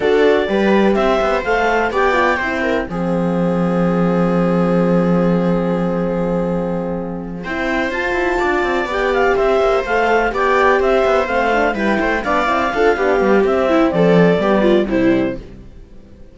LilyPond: <<
  \new Staff \with { instrumentName = "clarinet" } { \time 4/4 \tempo 4 = 125 d''2 e''4 f''4 | g''2 f''2~ | f''1~ | f''2.~ f''8 g''8~ |
g''8 a''2 g''8 f''8 e''8~ | e''8 f''4 g''4 e''4 f''8~ | f''8 g''4 f''2~ f''8 | e''4 d''2 c''4 | }
  \new Staff \with { instrumentName = "viola" } { \time 4/4 a'4 b'4 c''2 | d''4 c''8 ais'8 gis'2~ | gis'1~ | gis'2.~ gis'8 c''8~ |
c''4. d''2 c''8~ | c''4. d''4 c''4.~ | c''8 b'8 c''8 d''4 a'8 g'4~ | g'8 e'8 a'4 g'8 f'8 e'4 | }
  \new Staff \with { instrumentName = "horn" } { \time 4/4 fis'4 g'2 a'4 | g'8 f'8 e'4 c'2~ | c'1~ | c'2.~ c'8 e'8~ |
e'8 f'2 g'4.~ | g'8 a'4 g'2 c'8 | d'8 e'4 d'8 e'8 f'8 d'8 b8 | c'2 b4 g4 | }
  \new Staff \with { instrumentName = "cello" } { \time 4/4 d'4 g4 c'8 b8 a4 | b4 c'4 f2~ | f1~ | f2.~ f8 c'8~ |
c'8 f'8 e'8 d'8 c'8 b4 c'8 | ais8 a4 b4 c'8 b8 a8~ | a8 g8 a8 b8 c'8 d'8 b8 g8 | c'4 f4 g4 c4 | }
>>